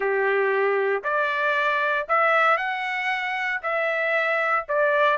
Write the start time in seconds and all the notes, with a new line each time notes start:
0.00 G4
1.03 D5
2.08 E5
2.57 F#5
3.62 E5
4.68 D5